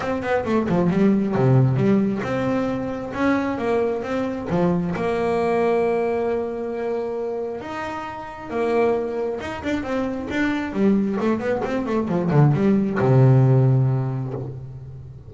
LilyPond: \new Staff \with { instrumentName = "double bass" } { \time 4/4 \tempo 4 = 134 c'8 b8 a8 f8 g4 c4 | g4 c'2 cis'4 | ais4 c'4 f4 ais4~ | ais1~ |
ais4 dis'2 ais4~ | ais4 dis'8 d'8 c'4 d'4 | g4 a8 b8 c'8 a8 f8 d8 | g4 c2. | }